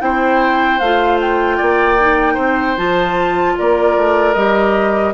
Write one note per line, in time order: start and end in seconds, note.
0.00 0.80 C4
0.00 0.79 E4
0.00 1.57 C5
0.00 0.79 G5
0.79 1.59 A3
0.79 1.99 F4
0.79 1.18 F5
1.20 2.77 G5
1.57 2.37 A#3
1.57 2.33 D5
1.99 2.77 D#4
2.33 2.77 C4
2.33 3.52 C5
2.77 3.56 F3
2.77 4.35 F4
2.77 3.56 A5
3.58 3.97 A#3
3.58 5.14 A#4
3.58 4.34 D5
3.97 4.35 A3
4.34 5.14 G3
4.34 5.14 G4
4.34 5.12 D#5